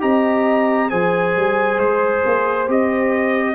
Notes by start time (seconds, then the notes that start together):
0.00 C4 G4 D#5 A#5
0.90 F3 G#4 C5 G#5
1.36 G3
1.79 G#3 C5
2.25 A#3
2.68 C4 G4 D#5